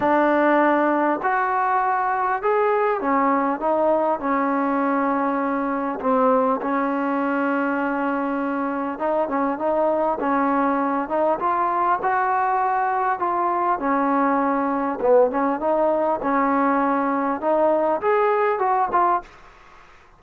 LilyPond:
\new Staff \with { instrumentName = "trombone" } { \time 4/4 \tempo 4 = 100 d'2 fis'2 | gis'4 cis'4 dis'4 cis'4~ | cis'2 c'4 cis'4~ | cis'2. dis'8 cis'8 |
dis'4 cis'4. dis'8 f'4 | fis'2 f'4 cis'4~ | cis'4 b8 cis'8 dis'4 cis'4~ | cis'4 dis'4 gis'4 fis'8 f'8 | }